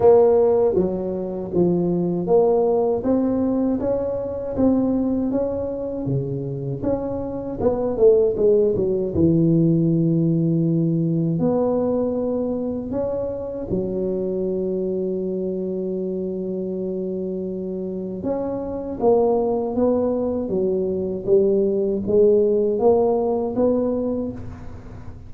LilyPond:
\new Staff \with { instrumentName = "tuba" } { \time 4/4 \tempo 4 = 79 ais4 fis4 f4 ais4 | c'4 cis'4 c'4 cis'4 | cis4 cis'4 b8 a8 gis8 fis8 | e2. b4~ |
b4 cis'4 fis2~ | fis1 | cis'4 ais4 b4 fis4 | g4 gis4 ais4 b4 | }